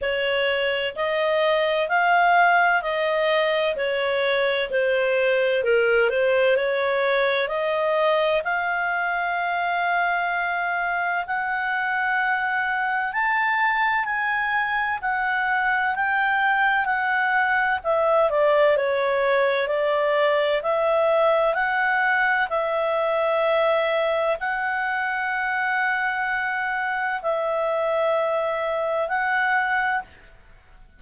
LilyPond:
\new Staff \with { instrumentName = "clarinet" } { \time 4/4 \tempo 4 = 64 cis''4 dis''4 f''4 dis''4 | cis''4 c''4 ais'8 c''8 cis''4 | dis''4 f''2. | fis''2 a''4 gis''4 |
fis''4 g''4 fis''4 e''8 d''8 | cis''4 d''4 e''4 fis''4 | e''2 fis''2~ | fis''4 e''2 fis''4 | }